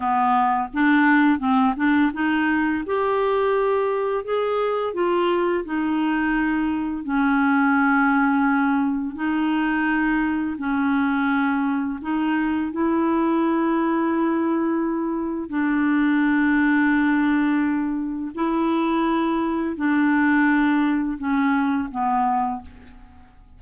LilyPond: \new Staff \with { instrumentName = "clarinet" } { \time 4/4 \tempo 4 = 85 b4 d'4 c'8 d'8 dis'4 | g'2 gis'4 f'4 | dis'2 cis'2~ | cis'4 dis'2 cis'4~ |
cis'4 dis'4 e'2~ | e'2 d'2~ | d'2 e'2 | d'2 cis'4 b4 | }